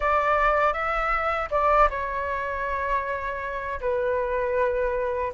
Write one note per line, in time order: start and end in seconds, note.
0.00 0.72 D5
0.72 1.48 E5
1.51 1.88 D5
1.90 3.80 C#5
3.80 5.32 B4